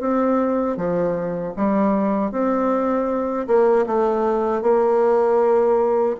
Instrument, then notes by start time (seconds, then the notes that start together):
bassoon
0.00 C4
0.77 F3
1.56 G3
2.31 C4
3.47 A#3
3.86 A3
4.62 A#3